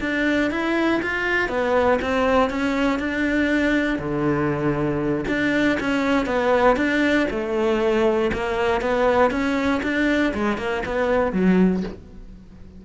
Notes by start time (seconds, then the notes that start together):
0.00 D4
0.50 E4
1.02 F4
1.48 B3
2.01 C4
2.49 C#4
2.99 D4
3.98 D3
5.28 D4
5.80 C#4
6.26 B3
6.76 D4
7.30 A3
8.33 A#3
8.81 B3
9.30 C#4
9.82 D4
10.34 G#3
10.57 A#3
10.85 B3
11.32 F#3